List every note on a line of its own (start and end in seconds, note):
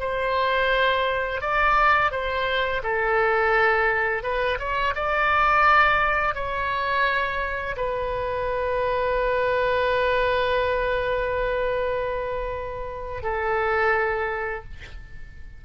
0.00 1.41 C5
1.41 2.11 D5
2.11 2.82 C5
2.83 4.23 A4
4.23 4.59 B4
4.59 4.94 C#5
4.95 6.35 D5
6.35 7.76 C#5
7.77 13.23 B4
13.23 14.64 A4